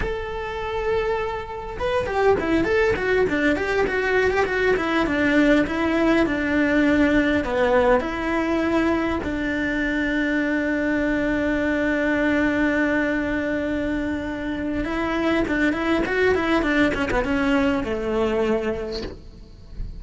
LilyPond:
\new Staff \with { instrumentName = "cello" } { \time 4/4 \tempo 4 = 101 a'2. b'8 g'8 | e'8 a'8 fis'8 d'8 g'8 fis'8. g'16 fis'8 | e'8 d'4 e'4 d'4.~ | d'8 b4 e'2 d'8~ |
d'1~ | d'1~ | d'4 e'4 d'8 e'8 fis'8 e'8 | d'8 cis'16 b16 cis'4 a2 | }